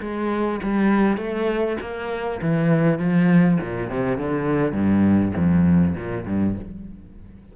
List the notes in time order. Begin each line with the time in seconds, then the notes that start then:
0.00 G#3
0.62 G3
1.17 A3
1.81 A#3
2.41 E3
2.98 F3
3.60 A#2
3.90 C3
4.17 D3
4.72 G2
5.35 F2
5.95 A#2
6.25 G2